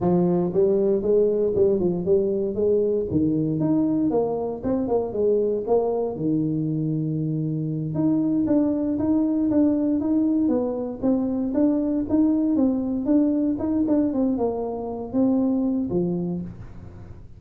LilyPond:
\new Staff \with { instrumentName = "tuba" } { \time 4/4 \tempo 4 = 117 f4 g4 gis4 g8 f8 | g4 gis4 dis4 dis'4 | ais4 c'8 ais8 gis4 ais4 | dis2.~ dis8 dis'8~ |
dis'8 d'4 dis'4 d'4 dis'8~ | dis'8 b4 c'4 d'4 dis'8~ | dis'8 c'4 d'4 dis'8 d'8 c'8 | ais4. c'4. f4 | }